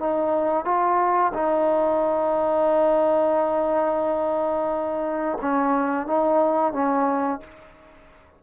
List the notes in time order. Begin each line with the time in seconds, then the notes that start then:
0.00 D#4
0.65 F4
1.34 D#4
5.42 C#4
6.07 D#4
6.73 C#4